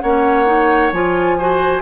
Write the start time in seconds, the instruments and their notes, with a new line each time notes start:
0.00 bassoon A#3, clarinet C#4, oboe C#5, flute F#5
0.46 clarinet D#4
0.92 bassoon F3, clarinet F4, flute G#5
1.37 clarinet F#4, oboe C5